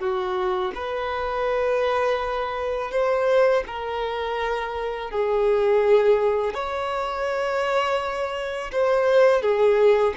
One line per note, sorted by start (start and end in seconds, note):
0.00 0.72 F#4
0.75 2.91 B4
2.91 3.64 C5
3.67 5.11 A#4
5.11 6.55 G#4
6.55 8.71 C#5
8.72 9.42 C5
9.42 10.14 G#4